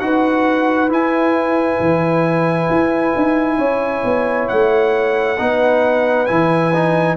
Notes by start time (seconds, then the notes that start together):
0.00 D#4 F#4 B4 F#5
0.89 E4 G#5
1.80 E3
2.70 E4
3.16 D#4
3.58 C#4 C#5
4.04 B3
4.49 A3 F#5
5.38 B3 D#4 B4
6.26 E3 E4 G#5
6.74 D#4